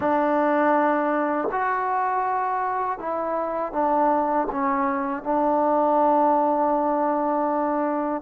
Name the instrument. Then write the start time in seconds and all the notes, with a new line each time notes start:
trombone
0.00 D4
1.51 F#4
2.99 E4
3.72 D4
4.51 C#4
5.23 D4